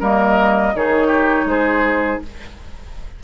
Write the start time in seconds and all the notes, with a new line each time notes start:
0.00 G3 A#3 A#4 D#5
0.74 D#3 D#4 G#4 C#5
1.08 G4
1.45 G#3 G#4 C5